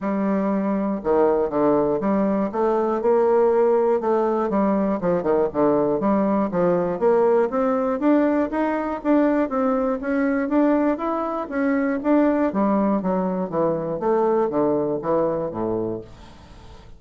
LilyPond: \new Staff \with { instrumentName = "bassoon" } { \time 4/4 \tempo 4 = 120 g2 dis4 d4 | g4 a4 ais2 | a4 g4 f8 dis8 d4 | g4 f4 ais4 c'4 |
d'4 dis'4 d'4 c'4 | cis'4 d'4 e'4 cis'4 | d'4 g4 fis4 e4 | a4 d4 e4 a,4 | }